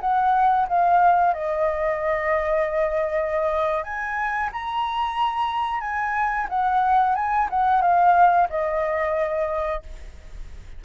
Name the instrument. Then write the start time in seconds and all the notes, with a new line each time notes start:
flute
0.00 F#5
0.68 F5
1.33 D#5
3.83 G#5
4.52 A#5
5.80 G#5
6.48 F#5
7.15 G#5
7.50 F#5
7.81 F5
8.49 D#5